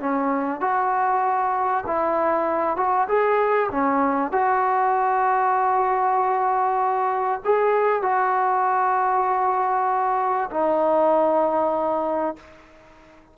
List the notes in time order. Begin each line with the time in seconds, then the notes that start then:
0.00 C#4
0.61 F#4
1.87 E4
2.77 F#4
3.08 G#4
3.72 C#4
4.32 F#4
7.45 G#4
8.03 F#4
10.51 D#4